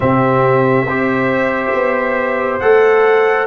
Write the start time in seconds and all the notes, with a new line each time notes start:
0.00 C3 C4 G4 E5
0.84 C4 G4 C5
1.73 B3
2.59 A3 A4 F#5